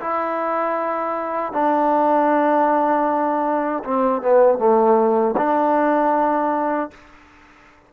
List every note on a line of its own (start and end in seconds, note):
0.00 1.52 E4
1.52 3.83 D4
3.84 4.21 C4
4.21 4.58 B3
4.58 5.35 A3
5.37 6.91 D4